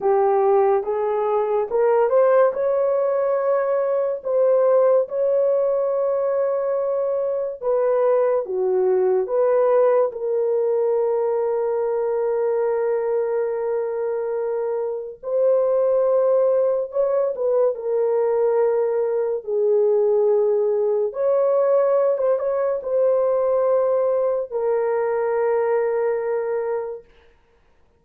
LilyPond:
\new Staff \with { instrumentName = "horn" } { \time 4/4 \tempo 4 = 71 g'4 gis'4 ais'8 c''8 cis''4~ | cis''4 c''4 cis''2~ | cis''4 b'4 fis'4 b'4 | ais'1~ |
ais'2 c''2 | cis''8 b'8 ais'2 gis'4~ | gis'4 cis''4~ cis''16 c''16 cis''8 c''4~ | c''4 ais'2. | }